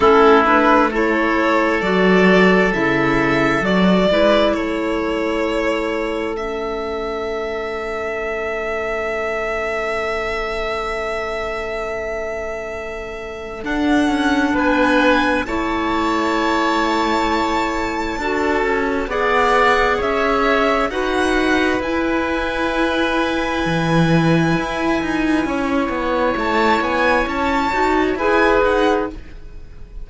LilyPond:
<<
  \new Staff \with { instrumentName = "violin" } { \time 4/4 \tempo 4 = 66 a'8 b'8 cis''4 d''4 e''4 | d''4 cis''2 e''4~ | e''1~ | e''2. fis''4 |
gis''4 a''2.~ | a''4 fis''4 e''4 fis''4 | gis''1~ | gis''4 a''8 gis''8 a''4 gis''8 fis''8 | }
  \new Staff \with { instrumentName = "oboe" } { \time 4/4 e'4 a'2.~ | a'8 b'8 a'2.~ | a'1~ | a'1 |
b'4 cis''2. | a'4 d''4 cis''4 b'4~ | b'1 | cis''2. b'4 | }
  \new Staff \with { instrumentName = "clarinet" } { \time 4/4 cis'8 d'8 e'4 fis'4 e'4 | fis'8 e'2~ e'8 cis'4~ | cis'1~ | cis'2. d'4~ |
d'4 e'2. | fis'4 gis'2 fis'4 | e'1~ | e'2~ e'8 fis'8 gis'4 | }
  \new Staff \with { instrumentName = "cello" } { \time 4/4 a2 fis4 cis4 | fis8 gis8 a2.~ | a1~ | a2. d'8 cis'8 |
b4 a2. | d'8 cis'8 b4 cis'4 dis'4 | e'2 e4 e'8 dis'8 | cis'8 b8 a8 b8 cis'8 dis'8 e'8 dis'8 | }
>>